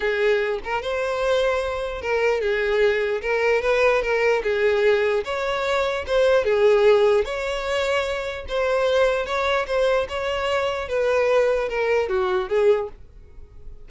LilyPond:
\new Staff \with { instrumentName = "violin" } { \time 4/4 \tempo 4 = 149 gis'4. ais'8 c''2~ | c''4 ais'4 gis'2 | ais'4 b'4 ais'4 gis'4~ | gis'4 cis''2 c''4 |
gis'2 cis''2~ | cis''4 c''2 cis''4 | c''4 cis''2 b'4~ | b'4 ais'4 fis'4 gis'4 | }